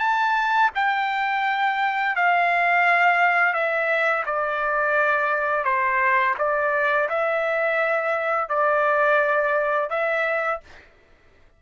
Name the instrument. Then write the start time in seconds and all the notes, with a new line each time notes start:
trumpet
0.00 A5
0.75 G5
2.17 F5
3.54 E5
4.26 D5
5.65 C5
6.39 D5
7.10 E5
8.50 D5
9.90 E5